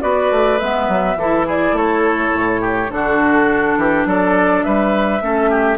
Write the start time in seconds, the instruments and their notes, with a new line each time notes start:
0.00 bassoon B3, clarinet F#4, oboe B4, flute D5
0.31 bassoon A3
0.58 bassoon G#3, clarinet B3, flute E5
0.88 bassoon F#3
1.16 bassoon E3, clarinet E4, oboe A4
1.46 oboe G#4, flute D5
1.72 bassoon A3, oboe A4, flute C#5
2.34 bassoon A2
2.61 oboe G4
2.88 bassoon D3, clarinet D4, flute A4
2.94 oboe F#4
3.77 bassoon E3, oboe G4
4.05 bassoon F#3, oboe A4, flute D5
4.63 bassoon G3, oboe B4, flute E5
5.20 bassoon A3, clarinet C#4, oboe A4
5.49 oboe G4